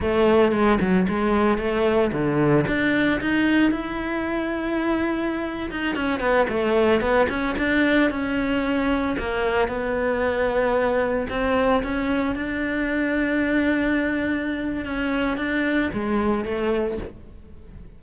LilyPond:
\new Staff \with { instrumentName = "cello" } { \time 4/4 \tempo 4 = 113 a4 gis8 fis8 gis4 a4 | d4 d'4 dis'4 e'4~ | e'2~ e'8. dis'8 cis'8 b16~ | b16 a4 b8 cis'8 d'4 cis'8.~ |
cis'4~ cis'16 ais4 b4.~ b16~ | b4~ b16 c'4 cis'4 d'8.~ | d'1 | cis'4 d'4 gis4 a4 | }